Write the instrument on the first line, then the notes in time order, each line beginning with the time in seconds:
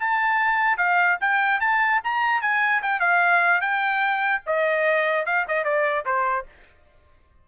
trumpet
0.00 A5
0.78 F5
1.21 G5
1.61 A5
2.04 A#5
2.42 G#5
2.83 G5
3.01 F5
3.61 G5
4.47 D#5
5.26 F5
5.48 D#5
5.65 D5
6.06 C5